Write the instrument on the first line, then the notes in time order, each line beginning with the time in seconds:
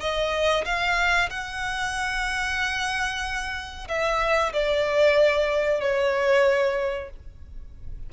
violin
0.00 D#5
0.65 F5
1.30 F#5
3.88 E5
4.53 D5
5.81 C#5